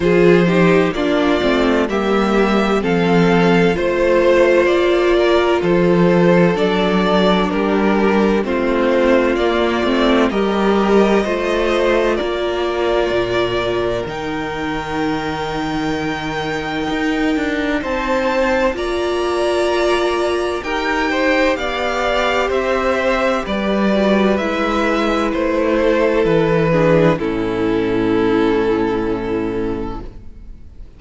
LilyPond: <<
  \new Staff \with { instrumentName = "violin" } { \time 4/4 \tempo 4 = 64 c''4 d''4 e''4 f''4 | c''4 d''4 c''4 d''4 | ais'4 c''4 d''4 dis''4~ | dis''4 d''2 g''4~ |
g''2. a''4 | ais''2 g''4 f''4 | e''4 d''4 e''4 c''4 | b'4 a'2. | }
  \new Staff \with { instrumentName = "violin" } { \time 4/4 gis'8 g'8 f'4 g'4 a'4 | c''4. ais'8 a'2 | g'4 f'2 ais'4 | c''4 ais'2.~ |
ais'2. c''4 | d''2 ais'8 c''8 d''4 | c''4 b'2~ b'8 a'8~ | a'8 gis'8 e'2. | }
  \new Staff \with { instrumentName = "viola" } { \time 4/4 f'8 dis'8 d'8 c'8 ais4 c'4 | f'2. d'4~ | d'4 c'4 ais8 c'8 g'4 | f'2. dis'4~ |
dis'1 | f'2 g'2~ | g'4. fis'8 e'2~ | e'8 d'8 cis'2. | }
  \new Staff \with { instrumentName = "cello" } { \time 4/4 f4 ais8 a8 g4 f4 | a4 ais4 f4 fis4 | g4 a4 ais8 a8 g4 | a4 ais4 ais,4 dis4~ |
dis2 dis'8 d'8 c'4 | ais2 dis'4 b4 | c'4 g4 gis4 a4 | e4 a,2. | }
>>